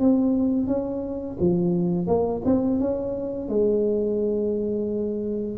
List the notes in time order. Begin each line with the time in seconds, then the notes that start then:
0.00 C4
0.67 C#4
1.40 F3
2.07 A#3
2.45 C4
2.80 C#4
3.49 G#3